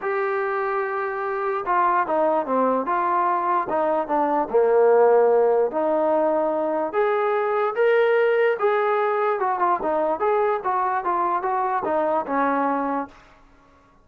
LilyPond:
\new Staff \with { instrumentName = "trombone" } { \time 4/4 \tempo 4 = 147 g'1 | f'4 dis'4 c'4 f'4~ | f'4 dis'4 d'4 ais4~ | ais2 dis'2~ |
dis'4 gis'2 ais'4~ | ais'4 gis'2 fis'8 f'8 | dis'4 gis'4 fis'4 f'4 | fis'4 dis'4 cis'2 | }